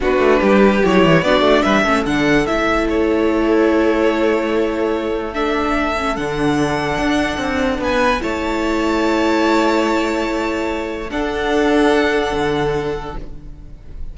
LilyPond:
<<
  \new Staff \with { instrumentName = "violin" } { \time 4/4 \tempo 4 = 146 b'2 cis''4 d''4 | e''4 fis''4 e''4 cis''4~ | cis''1~ | cis''4 e''2 fis''4~ |
fis''2. gis''4 | a''1~ | a''2. fis''4~ | fis''1 | }
  \new Staff \with { instrumentName = "violin" } { \time 4/4 fis'4 g'2 fis'4 | b'8 a'2.~ a'8~ | a'1~ | a'1~ |
a'2. b'4 | cis''1~ | cis''2. a'4~ | a'1 | }
  \new Staff \with { instrumentName = "viola" } { \time 4/4 d'2 e'4 d'4~ | d'8 cis'8 d'4 e'2~ | e'1~ | e'4 d'4. cis'8 d'4~ |
d'1 | e'1~ | e'2. d'4~ | d'1 | }
  \new Staff \with { instrumentName = "cello" } { \time 4/4 b8 a8 g4 fis8 e8 b8 a8 | g8 a8 d4 a2~ | a1~ | a2. d4~ |
d4 d'4 c'4 b4 | a1~ | a2. d'4~ | d'2 d2 | }
>>